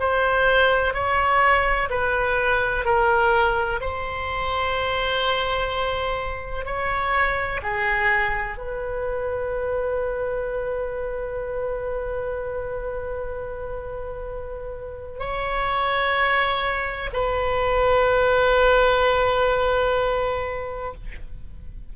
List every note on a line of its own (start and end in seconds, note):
0.00 0.94 C5
0.94 1.89 C#5
1.90 2.85 B4
2.85 3.81 A#4
3.81 6.66 C5
6.66 7.61 C#5
7.63 8.58 G#4
8.58 15.19 B4
15.19 17.10 C#5
17.13 20.94 B4